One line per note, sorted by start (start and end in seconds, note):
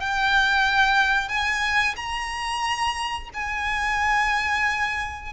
0.00 1.28 G5
1.28 1.95 G#5
1.96 3.29 A#5
3.34 5.33 G#5